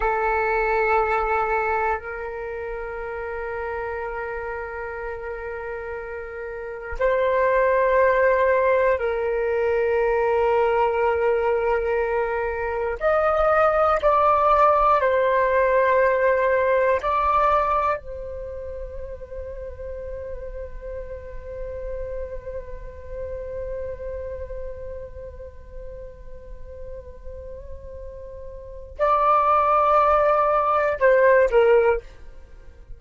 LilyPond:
\new Staff \with { instrumentName = "flute" } { \time 4/4 \tempo 4 = 60 a'2 ais'2~ | ais'2. c''4~ | c''4 ais'2.~ | ais'4 dis''4 d''4 c''4~ |
c''4 d''4 c''2~ | c''1~ | c''1~ | c''4 d''2 c''8 ais'8 | }